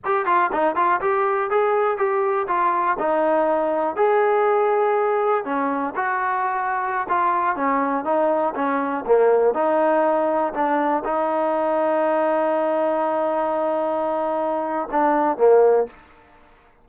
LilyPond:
\new Staff \with { instrumentName = "trombone" } { \time 4/4 \tempo 4 = 121 g'8 f'8 dis'8 f'8 g'4 gis'4 | g'4 f'4 dis'2 | gis'2. cis'4 | fis'2~ fis'16 f'4 cis'8.~ |
cis'16 dis'4 cis'4 ais4 dis'8.~ | dis'4~ dis'16 d'4 dis'4.~ dis'16~ | dis'1~ | dis'2 d'4 ais4 | }